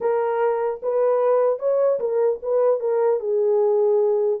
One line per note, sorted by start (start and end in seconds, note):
0.00 0.80 A#4
0.82 1.59 B4
1.59 1.99 C#5
1.99 2.39 A#4
2.42 2.79 B4
2.79 3.19 A#4
3.20 4.40 G#4